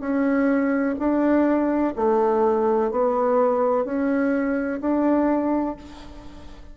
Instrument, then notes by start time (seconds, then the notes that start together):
bassoon
0.00 C#4
0.99 D4
1.96 A3
2.91 B3
3.85 C#4
4.81 D4